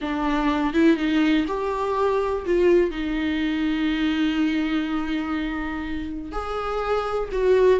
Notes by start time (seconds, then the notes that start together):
0.01 D4
0.73 E4
0.96 D#4
1.47 G4
2.45 F4
2.90 D#4
6.31 G#4
7.31 F#4